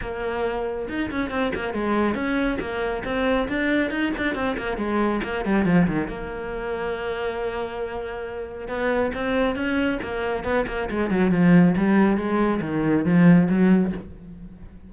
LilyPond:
\new Staff \with { instrumentName = "cello" } { \time 4/4 \tempo 4 = 138 ais2 dis'8 cis'8 c'8 ais8 | gis4 cis'4 ais4 c'4 | d'4 dis'8 d'8 c'8 ais8 gis4 | ais8 g8 f8 dis8 ais2~ |
ais1 | b4 c'4 cis'4 ais4 | b8 ais8 gis8 fis8 f4 g4 | gis4 dis4 f4 fis4 | }